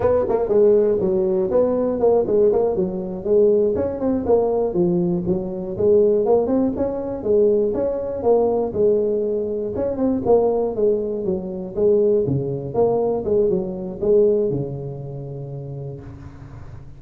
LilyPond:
\new Staff \with { instrumentName = "tuba" } { \time 4/4 \tempo 4 = 120 b8 ais8 gis4 fis4 b4 | ais8 gis8 ais8 fis4 gis4 cis'8 | c'8 ais4 f4 fis4 gis8~ | gis8 ais8 c'8 cis'4 gis4 cis'8~ |
cis'8 ais4 gis2 cis'8 | c'8 ais4 gis4 fis4 gis8~ | gis8 cis4 ais4 gis8 fis4 | gis4 cis2. | }